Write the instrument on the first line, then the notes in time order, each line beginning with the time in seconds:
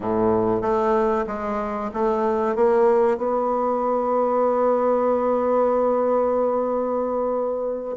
bassoon
0.00 A2
0.61 A3
1.26 G#3
1.93 A3
2.55 A#3
3.17 B3